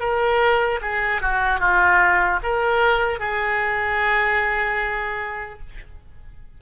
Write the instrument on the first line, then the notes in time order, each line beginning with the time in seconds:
oboe
0.00 A#4
0.82 G#4
1.22 F#4
1.60 F4
2.43 A#4
3.20 G#4